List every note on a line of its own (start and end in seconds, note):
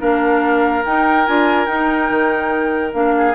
0.00 0.85 A#3
0.00 0.84 D4
0.00 3.15 A#4
0.00 0.85 F5
0.85 1.27 D#4
0.85 1.26 D#4
0.85 1.27 G5
1.26 1.67 D4
1.26 1.67 F4
1.26 1.66 G#5
1.66 2.92 D#4
1.66 2.09 D#4
1.66 2.92 G5
2.10 2.94 D#3
2.92 3.34 A#3
2.92 3.34 D4
2.92 3.34 F5
3.17 3.34 G#4